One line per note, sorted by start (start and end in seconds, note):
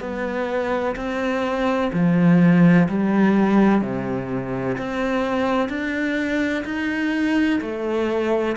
0.00 0.95 B3
0.96 1.91 C4
1.93 2.88 F3
2.88 3.81 G3
3.81 4.77 C3
4.77 5.69 C4
5.69 6.64 D4
6.65 7.60 D#4
7.61 8.56 A3